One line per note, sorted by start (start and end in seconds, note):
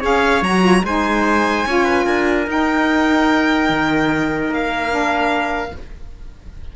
0.00 0.41 C#4
0.00 0.42 G#4
0.00 0.82 C#5
0.00 0.43 F5
0.41 0.82 F#3
0.41 0.61 F#4
0.41 0.84 A#5
0.61 0.81 F4
0.83 1.65 G#3
0.83 1.66 D#4
0.83 1.67 C5
0.83 2.49 G#5
1.66 2.06 C#4
1.66 2.46 F4
1.66 1.84 C#5
1.84 2.04 B4
2.05 2.47 D4
2.05 5.72 A#4
2.46 4.88 D#4
2.46 3.69 D#4
2.46 4.53 G5
3.69 4.49 D#3
4.49 5.71 A#3
4.49 5.75 F5
4.88 5.70 D4